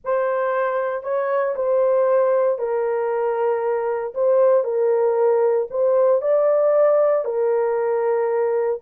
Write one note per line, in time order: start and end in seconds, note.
0.04 1.03 C5
1.03 1.54 C#5
1.55 2.58 C5
2.58 4.13 A#4
4.14 4.64 C5
4.64 5.67 A#4
5.70 6.21 C5
6.21 7.24 D5
7.24 8.80 A#4